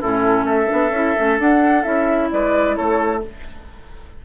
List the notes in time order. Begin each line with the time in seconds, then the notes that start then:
0.00 A2 C#4 E4 A4
0.44 A3 A4 E5
0.67 B3 D4
0.91 C#4 E4
1.15 A3 C#4
1.37 D4 F#5
1.83 C#4 E4 E5
2.31 G#3 B4 D5
2.76 A3 A4 C#5